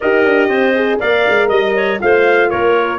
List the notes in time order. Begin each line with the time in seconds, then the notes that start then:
0.00 D#4 G4 A#4 D#5
0.24 D4
0.47 C4 C5
0.75 G#4
0.99 A#3 A#4 D5 F5
1.28 G#3
1.48 G3 D#5
1.75 C#5
1.99 A3 F4 C5 F5
2.49 A#3 A#4 C#5